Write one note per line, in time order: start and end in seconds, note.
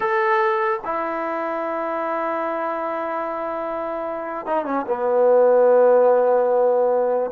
0.00 0.80 A4
0.84 4.46 E4
4.46 4.65 D#4
4.65 4.85 C#4
4.87 7.30 B3